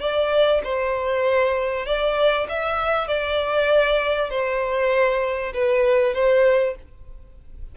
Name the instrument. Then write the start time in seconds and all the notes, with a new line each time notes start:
violin
0.00 D5
0.64 C5
1.86 D5
2.49 E5
3.08 D5
4.30 C5
5.54 B4
6.14 C5